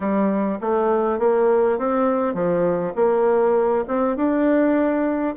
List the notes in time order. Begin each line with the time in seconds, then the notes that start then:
0.00 G3
0.60 A3
1.19 A#3
1.78 C4
2.34 F3
2.95 A#3
3.87 C4
4.16 D4